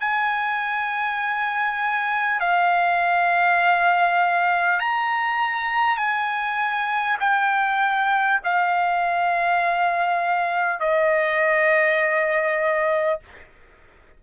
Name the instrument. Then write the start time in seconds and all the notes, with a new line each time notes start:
trumpet
0.00 G#5
2.40 F5
4.79 A#5
5.97 G#5
7.19 G5
8.43 F5
10.80 D#5